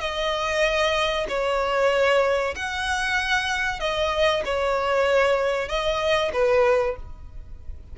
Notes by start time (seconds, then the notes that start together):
0.00 D#5
1.28 C#5
2.56 F#5
3.80 D#5
4.45 C#5
5.68 D#5
6.33 B4